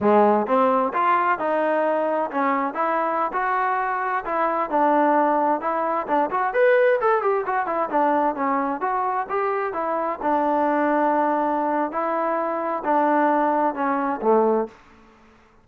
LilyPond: \new Staff \with { instrumentName = "trombone" } { \time 4/4 \tempo 4 = 131 gis4 c'4 f'4 dis'4~ | dis'4 cis'4 e'4~ e'16 fis'8.~ | fis'4~ fis'16 e'4 d'4.~ d'16~ | d'16 e'4 d'8 fis'8 b'4 a'8 g'16~ |
g'16 fis'8 e'8 d'4 cis'4 fis'8.~ | fis'16 g'4 e'4 d'4.~ d'16~ | d'2 e'2 | d'2 cis'4 a4 | }